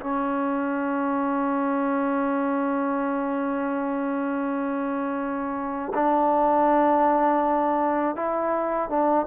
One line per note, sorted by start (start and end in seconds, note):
0.00 5.93 C#4
5.94 8.16 D4
8.16 8.89 E4
8.89 9.26 D4